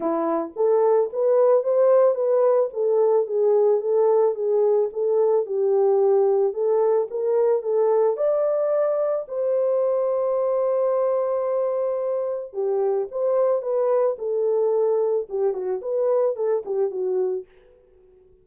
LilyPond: \new Staff \with { instrumentName = "horn" } { \time 4/4 \tempo 4 = 110 e'4 a'4 b'4 c''4 | b'4 a'4 gis'4 a'4 | gis'4 a'4 g'2 | a'4 ais'4 a'4 d''4~ |
d''4 c''2.~ | c''2. g'4 | c''4 b'4 a'2 | g'8 fis'8 b'4 a'8 g'8 fis'4 | }